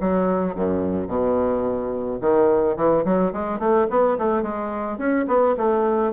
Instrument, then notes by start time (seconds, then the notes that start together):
bassoon
0.00 F#3
0.55 F#2
1.07 B2
2.20 D#3
2.76 E3
3.04 F#3
3.32 G#3
3.59 A3
3.89 B3
4.18 A3
4.42 G#3
4.97 C#4
5.27 B3
5.57 A3